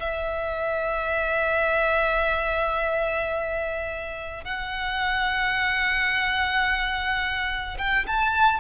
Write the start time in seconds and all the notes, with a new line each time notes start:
0.00 E5
4.44 F#5
7.79 G5
8.07 A5